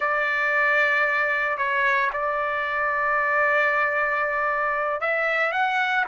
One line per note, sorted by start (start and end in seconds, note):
0.00 1.57 D5
1.57 2.10 C#5
2.12 5.00 D5
5.00 5.52 E5
5.52 6.04 F#5